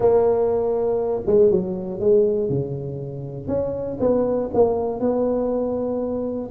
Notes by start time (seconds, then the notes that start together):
0.00 A#3
1.26 G#3
1.50 F#3
2.00 G#3
2.49 C#3
3.47 C#4
4.00 B3
4.54 A#3
5.00 B3